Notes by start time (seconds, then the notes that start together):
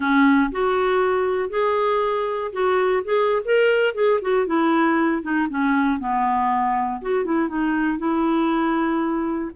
0.00 C#4
0.51 F#4
1.49 G#4
2.52 F#4
3.04 G#4
3.44 A#4
3.94 G#4
4.21 F#4
4.46 E4
5.22 D#4
5.49 C#4
5.99 B3
7.01 F#4
7.25 E4
7.48 D#4
7.98 E4